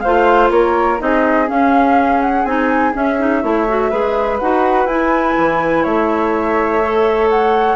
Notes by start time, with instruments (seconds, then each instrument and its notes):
0.00 bassoon A3, clarinet F4, flute C5 F5
0.50 bassoon A#3, flute A#4 C#5
0.99 bassoon C4, clarinet D#4, flute G#4 D#5
1.47 clarinet C#4, bassoon C#4, flute F5
2.21 flute F#5
2.44 bassoon C4, clarinet D#4, flute G#5
2.93 clarinet C#4, bassoon C#4, flute E5
3.19 clarinet D#4
3.42 bassoon A3, clarinet E4, flute C#5
3.68 clarinet F#4
3.90 bassoon G#3, clarinet G#4, flute B4
4.39 bassoon D#4, clarinet F#4, flute F#5
4.85 bassoon E4, clarinet E4, flute G#5
5.37 bassoon E3
5.83 bassoon A3, flute C#5 E5
6.82 clarinet A4
7.29 flute F#5